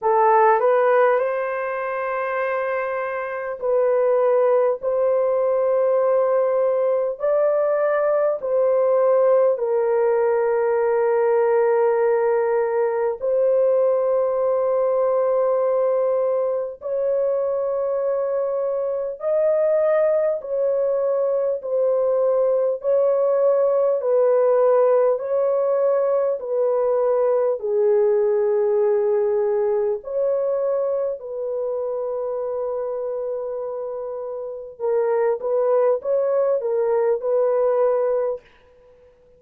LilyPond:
\new Staff \with { instrumentName = "horn" } { \time 4/4 \tempo 4 = 50 a'8 b'8 c''2 b'4 | c''2 d''4 c''4 | ais'2. c''4~ | c''2 cis''2 |
dis''4 cis''4 c''4 cis''4 | b'4 cis''4 b'4 gis'4~ | gis'4 cis''4 b'2~ | b'4 ais'8 b'8 cis''8 ais'8 b'4 | }